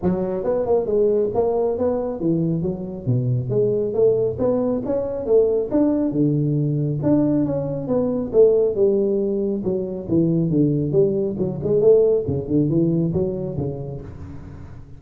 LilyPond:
\new Staff \with { instrumentName = "tuba" } { \time 4/4 \tempo 4 = 137 fis4 b8 ais8 gis4 ais4 | b4 e4 fis4 b,4 | gis4 a4 b4 cis'4 | a4 d'4 d2 |
d'4 cis'4 b4 a4 | g2 fis4 e4 | d4 g4 fis8 gis8 a4 | cis8 d8 e4 fis4 cis4 | }